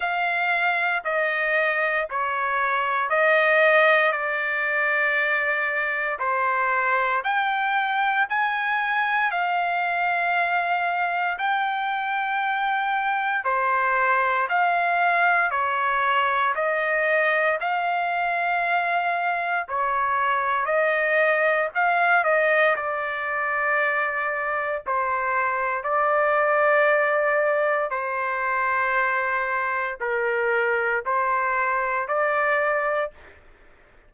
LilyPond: \new Staff \with { instrumentName = "trumpet" } { \time 4/4 \tempo 4 = 58 f''4 dis''4 cis''4 dis''4 | d''2 c''4 g''4 | gis''4 f''2 g''4~ | g''4 c''4 f''4 cis''4 |
dis''4 f''2 cis''4 | dis''4 f''8 dis''8 d''2 | c''4 d''2 c''4~ | c''4 ais'4 c''4 d''4 | }